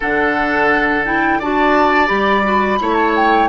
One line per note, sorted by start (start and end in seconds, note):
0.00 1.40 D3
0.00 1.05 D4
0.00 1.39 A4
0.00 1.05 F#5
1.05 1.40 E4
1.05 1.40 G5
1.39 2.10 D4
1.39 2.06 F#4
1.39 2.78 D5
1.39 2.07 A5
2.06 2.79 G3
2.06 2.41 G4
2.06 2.94 B5
2.43 2.78 F#4
2.79 3.48 A3
2.79 3.48 E4
2.79 3.48 C#5
2.94 3.11 A5
3.15 3.48 G5